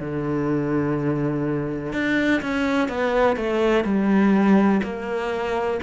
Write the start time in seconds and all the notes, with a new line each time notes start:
0.00 D3
1.93 D4
2.42 C#4
2.89 B3
3.37 A3
3.84 G3
4.83 A#3